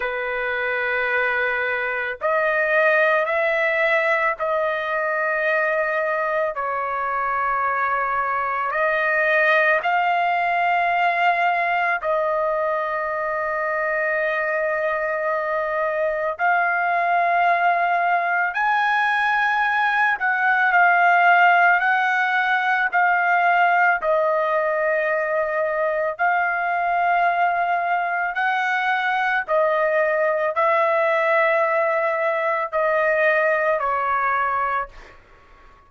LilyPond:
\new Staff \with { instrumentName = "trumpet" } { \time 4/4 \tempo 4 = 55 b'2 dis''4 e''4 | dis''2 cis''2 | dis''4 f''2 dis''4~ | dis''2. f''4~ |
f''4 gis''4. fis''8 f''4 | fis''4 f''4 dis''2 | f''2 fis''4 dis''4 | e''2 dis''4 cis''4 | }